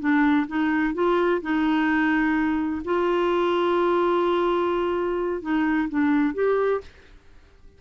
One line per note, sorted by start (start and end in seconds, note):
0.00 0.47 D4
0.48 0.94 D#4
0.95 1.41 F4
1.42 2.83 D#4
2.85 5.42 F4
5.42 5.89 D#4
5.89 6.34 D4
6.34 6.81 G4